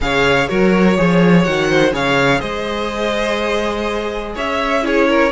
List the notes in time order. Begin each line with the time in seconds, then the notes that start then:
0.01 C#3 G#4 C#5 F5
0.48 F#3 F#4 A#4 C#5
0.97 F3 G#4 C#5
1.43 D#3 F#4 F#5
1.69 C5
1.92 C#3 G#4 C#5 F5
2.39 G#3 C5 D#5
4.34 C#4 C#5 E5
4.82 E4 G#4 C#5
5.08 A#4